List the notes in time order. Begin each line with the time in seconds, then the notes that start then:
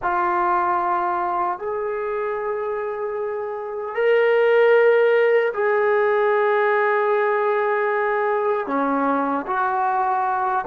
0.02 F4
1.58 G#4
3.95 A#4
5.53 G#4
8.66 C#4
9.46 F#4